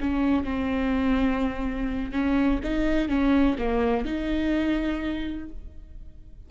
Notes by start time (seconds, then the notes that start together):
0.00 C#4
0.44 C4
2.12 C#4
2.63 D#4
3.08 C#4
3.58 A#3
4.05 D#4